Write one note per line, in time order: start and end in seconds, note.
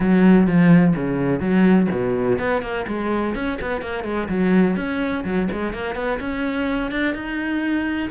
0.00 0.47 F#3
0.47 0.94 F3
0.95 1.40 C#3
1.40 1.87 F#3
1.91 2.39 B2
2.39 2.61 B3
2.61 2.85 A#3
2.87 3.34 G#3
3.34 3.58 C#4
3.61 3.81 B3
3.81 4.04 A#3
4.04 4.27 G#3
4.29 4.76 F#3
4.76 5.24 C#4
5.24 5.48 F#3
5.51 5.73 G#3
5.73 5.95 A#3
5.95 6.19 B3
6.19 6.91 C#4
6.91 7.14 D4
7.14 8.09 D#4